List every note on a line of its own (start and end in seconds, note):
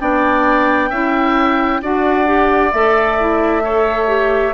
0.00 0.91 B3
0.00 0.91 D4
0.00 0.90 D5
0.00 1.82 G5
0.90 1.81 C#4
0.90 1.83 E4
0.90 1.81 E5
1.82 2.73 D4
1.82 2.26 F#4
1.82 3.64 D5
1.82 2.72 F#5
2.26 2.71 G4
2.72 4.54 A3
2.72 3.19 A4
2.72 4.54 E5
3.20 3.62 E4
3.62 4.07 A4
3.62 4.54 C#5
4.07 4.53 G4